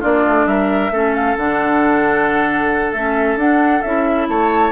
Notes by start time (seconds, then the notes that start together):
0.00 A#3 D4 F4 D5
0.26 A3
0.46 G3 A#4 E5
0.90 A3 C#4 A4
1.14 F5
1.36 D3 D4 F#5
2.92 A3 C#4 E5
3.36 D4 F#5
3.81 C#4 E4 E5
4.28 A3 C#5 A5